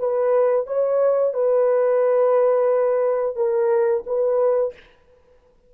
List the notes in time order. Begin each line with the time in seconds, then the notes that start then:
0.00 B4
0.67 C#5
1.34 B4
3.37 A#4
4.07 B4